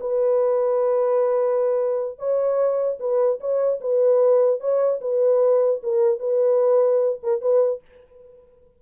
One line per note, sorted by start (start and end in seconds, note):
0.00 2.18 B4
2.18 2.98 C#5
2.99 3.39 B4
3.40 3.80 C#5
3.80 4.60 B4
4.60 5.00 C#5
5.01 5.81 B4
5.83 6.19 A#4
6.19 7.19 B4
7.23 7.41 A#4
7.41 7.81 B4